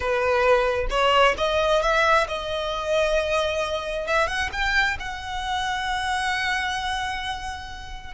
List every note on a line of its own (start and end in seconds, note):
0.00 0.87 B4
0.90 1.35 C#5
1.37 1.82 D#5
1.82 2.27 E5
2.28 4.06 D#5
4.06 4.27 E5
4.27 4.49 F#5
4.52 4.97 G5
4.99 8.13 F#5